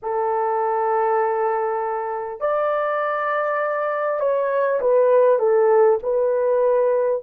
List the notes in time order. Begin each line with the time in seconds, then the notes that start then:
0.02 A4
2.40 D5
4.19 C#5
4.80 B4
5.38 A4
6.02 B4